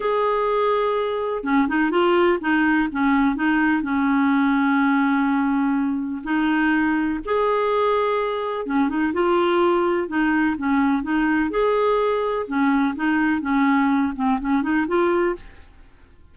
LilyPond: \new Staff \with { instrumentName = "clarinet" } { \time 4/4 \tempo 4 = 125 gis'2. cis'8 dis'8 | f'4 dis'4 cis'4 dis'4 | cis'1~ | cis'4 dis'2 gis'4~ |
gis'2 cis'8 dis'8 f'4~ | f'4 dis'4 cis'4 dis'4 | gis'2 cis'4 dis'4 | cis'4. c'8 cis'8 dis'8 f'4 | }